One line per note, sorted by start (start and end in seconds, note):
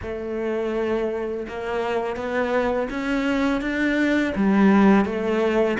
0.02 1.46 A3
1.48 2.16 A#3
2.16 2.88 B3
2.90 3.61 C#4
3.61 4.33 D4
4.35 5.05 G3
5.05 5.77 A3